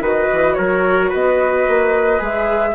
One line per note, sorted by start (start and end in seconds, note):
0.00 0.27 D#3
0.00 2.19 F#4
0.00 0.57 B4
0.00 0.54 D#5
0.33 0.59 E3
0.54 1.13 F#3
0.54 1.10 A#4
0.54 1.09 C#5
1.10 1.68 B3
1.10 2.73 B4
1.10 2.23 D#5
1.68 2.21 A#3
2.19 2.75 G#3
2.19 2.73 G#4
2.19 2.75 E5